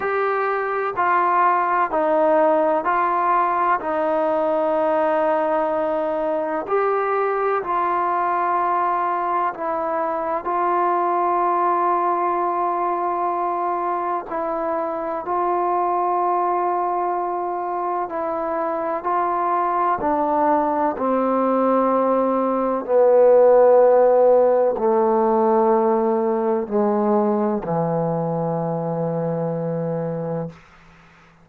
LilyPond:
\new Staff \with { instrumentName = "trombone" } { \time 4/4 \tempo 4 = 63 g'4 f'4 dis'4 f'4 | dis'2. g'4 | f'2 e'4 f'4~ | f'2. e'4 |
f'2. e'4 | f'4 d'4 c'2 | b2 a2 | gis4 e2. | }